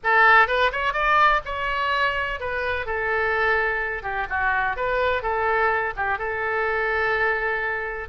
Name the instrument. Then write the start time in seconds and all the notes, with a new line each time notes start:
oboe
0.03 A4
0.47 B4
0.71 C#5
0.93 D5
1.45 C#5
2.39 B4
2.85 A4
4.02 G4
4.29 F#4
4.76 B4
5.22 A4
5.96 G4
6.18 A4